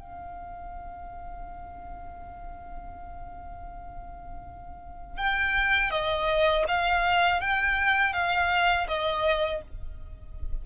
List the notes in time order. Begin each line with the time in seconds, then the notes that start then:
0.00 F5
5.18 G5
5.91 D#5
6.68 F5
7.41 G5
8.13 F5
8.88 D#5